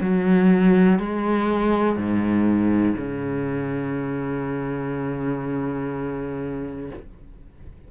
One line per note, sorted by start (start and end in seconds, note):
0.00 0.98 F#3
0.99 1.96 G#3
1.96 2.95 G#2
2.96 6.90 C#3